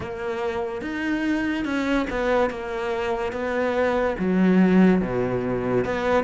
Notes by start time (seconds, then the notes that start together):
0.00 A#3
0.81 D#4
1.64 C#4
2.09 B3
2.50 A#3
3.32 B3
4.19 F#3
5.01 B2
5.84 B3